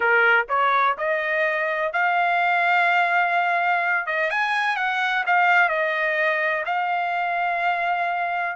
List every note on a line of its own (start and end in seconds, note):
0.00 0.46 A#4
0.48 0.96 C#5
0.97 1.92 D#5
1.92 4.06 F5
4.06 4.30 D#5
4.30 4.76 G#5
4.76 5.24 F#5
5.26 5.68 F5
5.68 6.64 D#5
6.65 8.56 F5